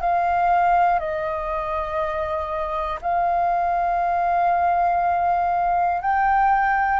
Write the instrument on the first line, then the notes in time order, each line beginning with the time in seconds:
flute
0.00 F5
0.99 D#5
3.01 F5
6.01 G5